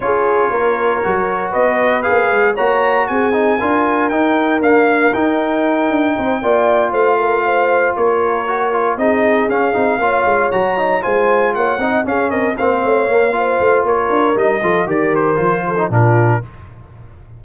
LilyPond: <<
  \new Staff \with { instrumentName = "trumpet" } { \time 4/4 \tempo 4 = 117 cis''2. dis''4 | f''4 ais''4 gis''2 | g''4 f''4 g''2~ | g''4. f''2 cis''8~ |
cis''4. dis''4 f''4.~ | f''8 ais''4 gis''4 fis''4 f''8 | dis''8 f''2~ f''8 cis''4 | dis''4 d''8 c''4. ais'4 | }
  \new Staff \with { instrumentName = "horn" } { \time 4/4 gis'4 ais'2 b'4~ | b'4 cis''4 gis'4 ais'4~ | ais'1 | c''8 d''4 c''8 ais'8 c''4 ais'8~ |
ais'4. gis'2 cis''8~ | cis''4. c''4 cis''8 dis''8 gis'8 | ais'8 c''8 cis''4 c''4 ais'4~ | ais'8 a'8 ais'4. a'8 f'4 | }
  \new Staff \with { instrumentName = "trombone" } { \time 4/4 f'2 fis'2 | gis'4 fis'4. dis'8 f'4 | dis'4 ais4 dis'2~ | dis'8 f'2.~ f'8~ |
f'8 fis'8 f'8 dis'4 cis'8 dis'8 f'8~ | f'8 fis'8 dis'8 f'4. dis'8 cis'8~ | cis'8 c'4 ais8 f'2 | dis'8 f'8 g'4 f'8. dis'16 d'4 | }
  \new Staff \with { instrumentName = "tuba" } { \time 4/4 cis'4 ais4 fis4 b4 | ais8 gis8 ais4 c'4 d'4 | dis'4 d'4 dis'4. d'8 | c'8 ais4 a2 ais8~ |
ais4. c'4 cis'8 c'8 ais8 | gis8 fis4 gis4 ais8 c'8 cis'8 | c'8 ais8 a8 ais4 a8 ais8 d'8 | g8 f8 dis4 f4 ais,4 | }
>>